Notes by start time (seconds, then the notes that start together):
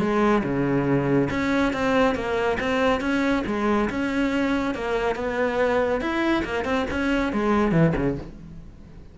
0.00 G#3
0.44 C#3
1.30 C#4
1.73 C4
2.15 A#3
2.60 C4
3.01 C#4
3.47 G#3
3.90 C#4
4.75 A#3
5.15 B3
6.01 E4
6.45 A#3
6.65 C4
6.91 C#4
7.33 G#3
7.72 E3
7.96 C#3